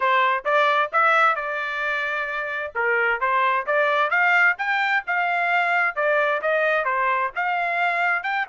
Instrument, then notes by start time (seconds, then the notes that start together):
trumpet
0.00 C5
0.45 D5
0.92 E5
1.35 D5
2.74 A#4
3.20 C5
3.66 D5
4.10 F5
4.58 G5
5.07 F5
5.95 D5
6.41 D#5
6.85 C5
7.35 F5
8.23 G5